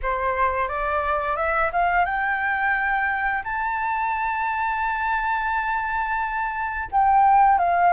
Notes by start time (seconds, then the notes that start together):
0.02 C5
0.68 D5
1.36 E5
1.72 F5
2.05 G5
3.44 A5
6.91 G5
7.58 F5